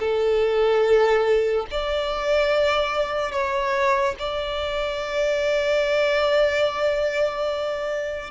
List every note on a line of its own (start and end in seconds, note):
0.00 1.67 A4
1.71 3.32 D5
3.32 4.16 C#5
4.19 8.31 D5